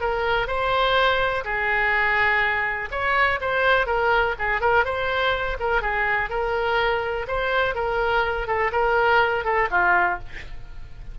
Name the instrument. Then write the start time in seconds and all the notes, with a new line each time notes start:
oboe
0.00 A#4
0.47 C5
1.44 G#4
2.91 C#5
3.40 C5
3.86 A#4
4.39 G#4
4.60 A#4
4.84 C5
5.59 A#4
5.81 G#4
6.29 A#4
7.28 C5
7.74 A#4
8.47 A4
8.72 A#4
9.44 A4
9.71 F4